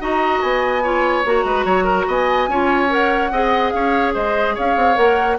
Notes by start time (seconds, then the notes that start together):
0.00 D#4 F#4 D#5 A#5
0.41 B3 G#5
0.83 F4 C#5
1.25 A#3 F#4 A#5
1.44 G#3 B4
1.65 F#3 C#5
1.84 A#4
2.07 B3 D#5 G#5
2.47 C#4 F4 C#5
2.89 A#4 F#5
3.31 C4 G#4 D#5
3.70 C#4 C#5 F5
4.13 G#3 C5 D#5
4.54 C#4 C#5 F5
4.76 C4
4.95 A#3 A#4 F#5